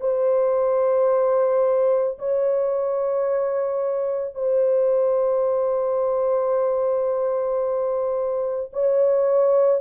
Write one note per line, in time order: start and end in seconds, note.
0.00 2.18 C5
2.19 4.34 C#5
4.34 8.71 C5
8.73 9.81 C#5